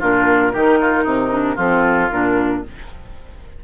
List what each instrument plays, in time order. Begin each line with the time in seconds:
0.00 bassoon A#2, clarinet D4, oboe F4, flute A#4
0.53 bassoon D#3, clarinet D#4, oboe G4
0.81 oboe F4
1.04 bassoon C3, oboe D#4
1.30 clarinet D4
1.56 bassoon F3, clarinet C4, oboe F4, flute A4
2.11 bassoon A#2, clarinet D4, flute A#4